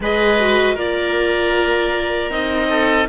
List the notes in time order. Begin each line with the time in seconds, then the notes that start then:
0.00 G#3 G#4 B4 D#5
0.40 F#4
0.75 A#3 F4 A#4 D5
2.29 C4 D#4 D#5
2.69 A4